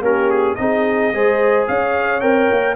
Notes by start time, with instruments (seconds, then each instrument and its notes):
0.00 tuba A#3, trombone C#4, horn G4, trumpet A#4
0.30 trumpet G#4
0.55 tuba C4, trombone D#4, horn G#4, trumpet D#5
1.12 tuba G#3, trombone G#4, horn C5
1.67 tuba C#4, horn C#5, trumpet F5
2.20 tuba C4, trombone A#4, trumpet G5
2.51 tuba A#3